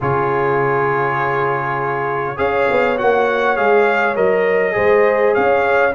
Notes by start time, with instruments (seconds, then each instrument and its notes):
0.00 tuba C#3, trombone F4, horn G#4, trumpet C#5
2.36 tuba C#4, trombone G#4, horn C#5, trumpet F5
2.71 tuba B3
2.97 tuba A#3, trombone F#4, trumpet F#5
3.56 tuba G#3, trombone G#4, trumpet F5
4.15 tuba F#3, trombone A#4, trumpet D#5
4.71 tuba G#3, trombone G#4, horn C5
5.34 tuba C#4, horn C#5, trumpet F5